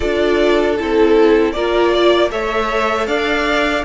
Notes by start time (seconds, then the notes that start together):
0.00 D4 F4 A4 D5
0.78 C4 E4 A4
1.52 A#3 F4 A#4 D5
1.92 D5
2.30 A3 A4 C#5 E5
3.07 D4 D5 F5